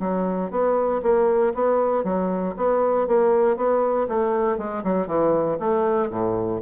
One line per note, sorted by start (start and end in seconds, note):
0.00 0.51 F#3
0.51 1.01 B3
1.03 1.54 A#3
1.54 2.04 B3
2.04 2.55 F#3
2.57 3.07 B3
3.07 3.57 A#3
3.57 4.07 B3
4.08 4.58 A3
4.58 4.83 G#3
4.84 5.07 F#3
5.07 5.58 E3
5.60 6.10 A3
6.10 6.61 A2